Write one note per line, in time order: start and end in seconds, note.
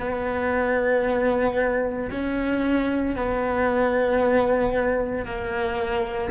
0.00 2.11 B3
2.11 3.16 C#4
3.16 5.26 B3
5.26 6.31 A#3